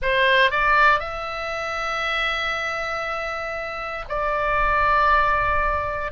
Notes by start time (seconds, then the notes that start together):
0.01 C5
0.51 D5
0.99 E5
4.08 D5